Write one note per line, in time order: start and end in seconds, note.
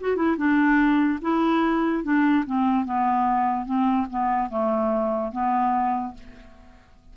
0.00 0.16 F#4
0.16 0.36 E4
0.37 1.19 D4
1.21 2.03 E4
2.03 2.44 D4
2.46 2.85 C4
2.85 3.65 B3
3.65 4.06 C4
4.10 4.49 B3
4.49 5.32 A3
5.32 6.14 B3